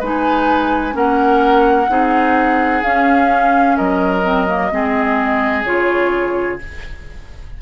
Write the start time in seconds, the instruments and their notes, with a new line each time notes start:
0.00 bassoon G#3, clarinet D#4, oboe B4, flute G#5
0.92 bassoon A#3, clarinet C#4, oboe A#4, flute F#5
1.88 bassoon C4, clarinet D#4, oboe G#4
2.83 bassoon C#4, clarinet C#4, flute F5
3.76 bassoon F#3, oboe A#4, flute D#5
4.23 clarinet C4
4.47 clarinet A#3
4.71 bassoon G#3, clarinet C4, oboe G#4
5.64 bassoon C#3, clarinet F4, flute C#5